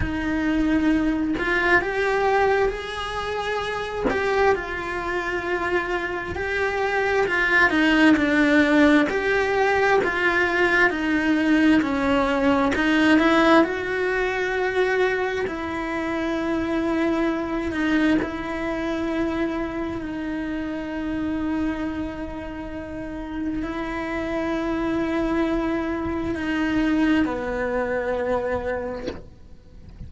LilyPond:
\new Staff \with { instrumentName = "cello" } { \time 4/4 \tempo 4 = 66 dis'4. f'8 g'4 gis'4~ | gis'8 g'8 f'2 g'4 | f'8 dis'8 d'4 g'4 f'4 | dis'4 cis'4 dis'8 e'8 fis'4~ |
fis'4 e'2~ e'8 dis'8 | e'2 dis'2~ | dis'2 e'2~ | e'4 dis'4 b2 | }